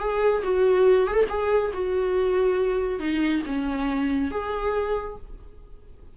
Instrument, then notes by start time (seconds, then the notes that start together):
viola
0.00 G#4
0.44 F#4
1.08 G#4
1.14 A4
1.29 G#4
1.74 F#4
3.00 D#4
3.47 C#4
4.31 G#4